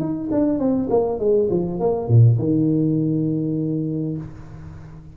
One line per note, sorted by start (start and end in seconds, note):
0.00 0.30 D#4
0.32 0.59 D4
0.59 0.89 C4
0.90 1.19 A#3
1.19 1.49 G#3
1.50 1.80 F3
1.80 2.08 A#3
2.08 2.38 A#2
2.39 4.17 D#3